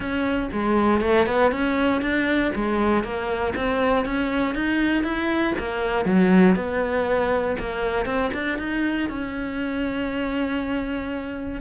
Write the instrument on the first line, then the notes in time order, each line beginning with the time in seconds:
cello
0.00 C#4
0.52 G#3
1.01 A3
1.26 B3
1.51 C#4
2.01 D4
2.55 G#3
3.03 A#3
3.55 C4
4.05 C#4
4.54 D#4
5.03 E4
5.58 A#3
6.05 F#3
6.55 B3
7.59 A#3
8.05 C4
8.33 D4
8.58 D#4
9.09 C#4